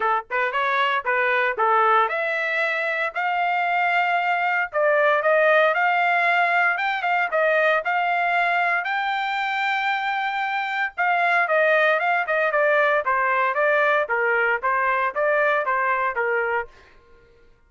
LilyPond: \new Staff \with { instrumentName = "trumpet" } { \time 4/4 \tempo 4 = 115 a'8 b'8 cis''4 b'4 a'4 | e''2 f''2~ | f''4 d''4 dis''4 f''4~ | f''4 g''8 f''8 dis''4 f''4~ |
f''4 g''2.~ | g''4 f''4 dis''4 f''8 dis''8 | d''4 c''4 d''4 ais'4 | c''4 d''4 c''4 ais'4 | }